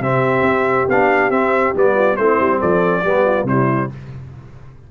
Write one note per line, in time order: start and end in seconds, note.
0.00 0.41 C3
0.00 0.88 C4
0.00 1.94 G4
0.00 0.89 E5
0.41 0.85 C4
0.88 1.30 B3
0.88 1.32 D4
0.88 1.30 F5
1.30 1.73 C4
1.30 1.75 C4
1.30 1.74 E5
1.75 2.18 G3
1.75 2.18 B3
1.75 2.16 D5
1.94 2.16 F4
2.16 2.39 A3
2.16 3.04 C4
2.16 2.59 E4
2.16 2.60 C5
2.40 2.62 G3
2.59 3.04 F3
2.59 3.02 A4
2.59 3.47 D5
3.04 3.44 G3
3.04 3.47 B3
3.04 3.26 G4
3.26 3.47 F4
3.44 3.87 C3
3.44 3.90 G3
3.44 3.91 E4
3.44 3.91 C5